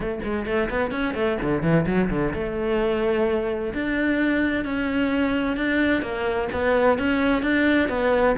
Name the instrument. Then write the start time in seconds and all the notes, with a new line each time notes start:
cello
0.00 A3
0.23 G#3
0.45 A3
0.69 B3
0.91 C#4
1.14 A3
1.42 D3
1.62 E3
1.86 F#3
2.10 D3
2.33 A3
3.73 D4
4.64 C#4
5.56 D4
6.01 A#3
6.52 B3
6.98 C#4
7.42 D4
7.89 B3